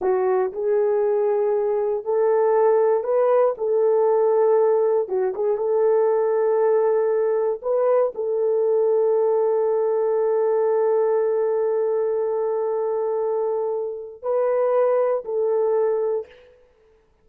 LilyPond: \new Staff \with { instrumentName = "horn" } { \time 4/4 \tempo 4 = 118 fis'4 gis'2. | a'2 b'4 a'4~ | a'2 fis'8 gis'8 a'4~ | a'2. b'4 |
a'1~ | a'1~ | a'1 | b'2 a'2 | }